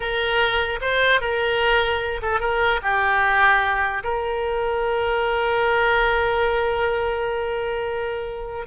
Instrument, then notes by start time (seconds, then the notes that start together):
oboe
0.00 A#4
0.81 C5
1.20 A#4
2.22 A4
2.40 A#4
2.82 G4
4.03 A#4